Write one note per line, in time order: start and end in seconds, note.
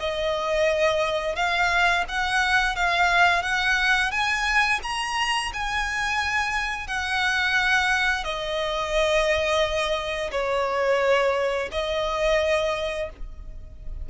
0.00 1.36 D#5
1.36 2.05 F5
2.09 2.76 F#5
2.76 3.43 F5
3.43 4.12 F#5
4.12 4.81 G#5
4.83 5.52 A#5
5.54 6.87 G#5
6.87 8.24 F#5
8.24 10.31 D#5
10.32 11.70 C#5
11.72 13.10 D#5